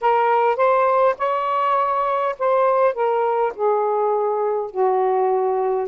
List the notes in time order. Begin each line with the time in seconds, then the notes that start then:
0.01 A#4
0.56 C5
1.17 C#5
2.38 C5
2.94 A#4
3.55 G#4
4.70 F#4